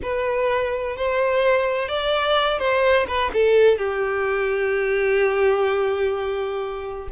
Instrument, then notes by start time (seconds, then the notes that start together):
violin
0.02 B4
0.96 C5
1.88 D5
2.59 C5
3.07 B4
3.33 A4
3.78 G4